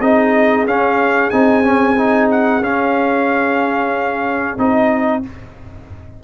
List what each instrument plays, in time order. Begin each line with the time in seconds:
0.00 tuba C4, trombone D#4, horn G#4, trumpet D#5
0.65 tuba C#4, trombone C#4, trumpet F5
1.30 tuba C4, trombone D#4, trumpet G#5
1.63 trombone C#4
1.97 trombone D#4
2.31 trumpet F#5
2.61 tuba C#4, trombone C#4, trumpet F5
4.57 tuba C4, trombone D#4, trumpet D#5